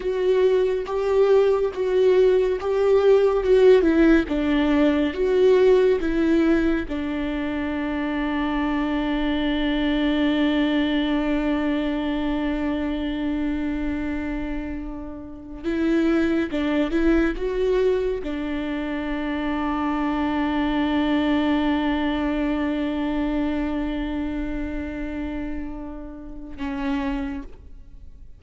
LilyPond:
\new Staff \with { instrumentName = "viola" } { \time 4/4 \tempo 4 = 70 fis'4 g'4 fis'4 g'4 | fis'8 e'8 d'4 fis'4 e'4 | d'1~ | d'1~ |
d'2~ d'16 e'4 d'8 e'16~ | e'16 fis'4 d'2~ d'8.~ | d'1~ | d'2. cis'4 | }